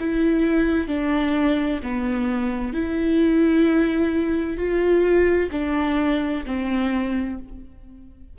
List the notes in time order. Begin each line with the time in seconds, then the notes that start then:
0.00 E4
0.88 D4
1.83 B3
2.74 E4
4.57 F4
5.52 D4
6.46 C4